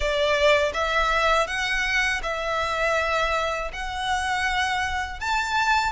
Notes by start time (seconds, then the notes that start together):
0.00 D5
0.73 E5
1.47 F#5
2.23 E5
3.72 F#5
5.20 A5